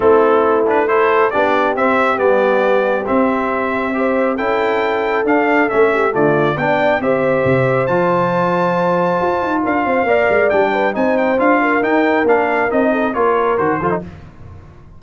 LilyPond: <<
  \new Staff \with { instrumentName = "trumpet" } { \time 4/4 \tempo 4 = 137 a'4. b'8 c''4 d''4 | e''4 d''2 e''4~ | e''2 g''2 | f''4 e''4 d''4 g''4 |
e''2 a''2~ | a''2 f''2 | g''4 gis''8 g''8 f''4 g''4 | f''4 dis''4 cis''4 c''4 | }
  \new Staff \with { instrumentName = "horn" } { \time 4/4 e'2 a'4 g'4~ | g'1~ | g'4 c''4 a'2~ | a'4. g'8 f'4 d''4 |
c''1~ | c''2 ais'8 c''8 d''4~ | d''8 b'8 c''4. ais'4.~ | ais'4. a'8 ais'4. a'8 | }
  \new Staff \with { instrumentName = "trombone" } { \time 4/4 c'4. d'8 e'4 d'4 | c'4 b2 c'4~ | c'4 g'4 e'2 | d'4 cis'4 a4 d'4 |
g'2 f'2~ | f'2. ais'4 | d'4 dis'4 f'4 dis'4 | d'4 dis'4 f'4 fis'8 f'16 dis'16 | }
  \new Staff \with { instrumentName = "tuba" } { \time 4/4 a2. b4 | c'4 g2 c'4~ | c'2 cis'2 | d'4 a4 d4 b4 |
c'4 c4 f2~ | f4 f'8 dis'8 d'8 c'8 ais8 gis8 | g4 c'4 d'4 dis'4 | ais4 c'4 ais4 dis8 f8 | }
>>